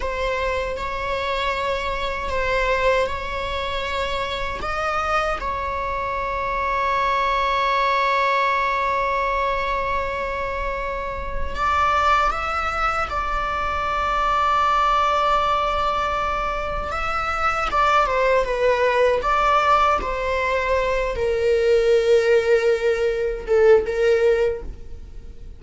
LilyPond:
\new Staff \with { instrumentName = "viola" } { \time 4/4 \tempo 4 = 78 c''4 cis''2 c''4 | cis''2 dis''4 cis''4~ | cis''1~ | cis''2. d''4 |
e''4 d''2.~ | d''2 e''4 d''8 c''8 | b'4 d''4 c''4. ais'8~ | ais'2~ ais'8 a'8 ais'4 | }